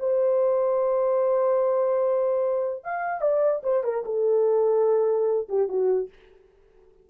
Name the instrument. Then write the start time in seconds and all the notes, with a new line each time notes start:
horn
0.00 C5
2.84 F5
3.21 D5
3.63 C5
3.84 A#4
4.05 A4
5.49 G4
5.69 F#4